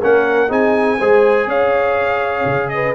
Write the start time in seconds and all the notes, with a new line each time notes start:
0.00 A#3 C#4 A#4 F#5
0.48 C4 D#4 G#4 G#5
0.98 G#3 G#4 C5
1.47 C#4 C#5 F5
2.45 C#3
2.69 B4 D#5